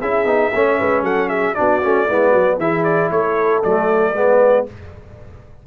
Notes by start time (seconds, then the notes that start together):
0.00 C#4 E4 G#4 E5
0.25 B3 D#4
0.53 A3 C#4 C#5
0.79 G#3 B4
1.02 F#3 A4 F#5
1.29 G#4 E5
1.55 B3 D4 F#4 D5
1.82 A3 C#4
2.08 G#3 B3 E4
2.31 F#3 F#4
2.58 E3 E4 G#4 E5
2.84 D5
3.11 A3 A4 C#5
3.63 F#3 A3 D5
4.14 G#3 B3 B4